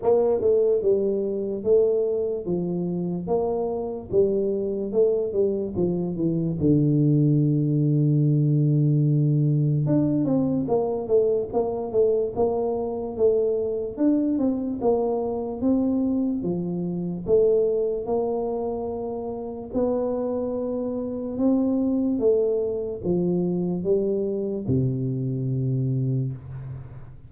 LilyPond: \new Staff \with { instrumentName = "tuba" } { \time 4/4 \tempo 4 = 73 ais8 a8 g4 a4 f4 | ais4 g4 a8 g8 f8 e8 | d1 | d'8 c'8 ais8 a8 ais8 a8 ais4 |
a4 d'8 c'8 ais4 c'4 | f4 a4 ais2 | b2 c'4 a4 | f4 g4 c2 | }